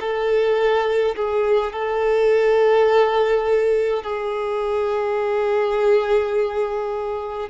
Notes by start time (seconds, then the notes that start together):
0.00 A4
1.16 G#4
1.73 A4
4.03 G#4